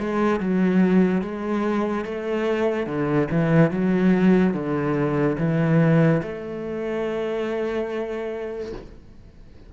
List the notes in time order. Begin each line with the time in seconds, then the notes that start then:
0.00 G#3
0.41 F#3
1.22 G#3
2.05 A3
2.87 D3
3.31 E3
3.72 F#3
4.54 D3
5.39 E3
6.23 A3